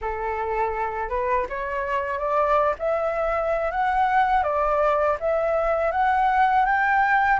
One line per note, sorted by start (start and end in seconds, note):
0.01 1.09 A4
1.09 1.46 B4
1.49 2.19 C#5
2.19 2.74 D5
2.78 3.71 E5
3.71 4.43 F#5
4.43 5.17 D5
5.20 5.91 E5
5.91 6.65 F#5
6.65 7.39 G5